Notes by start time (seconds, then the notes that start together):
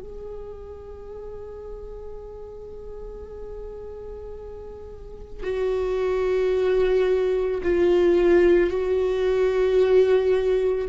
0.00 G#4
5.43 F#4
7.63 F4
8.70 F#4